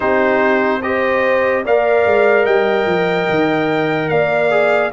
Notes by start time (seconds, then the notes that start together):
0.00 C4 D#4 G4 C5
0.82 G4 C5 D#5
1.64 A#3 A#4 D5 F5
2.05 G#3
2.45 G3 D#5 G5
2.86 F3
3.29 D#3
4.08 A#3 D5 F5
4.50 G#4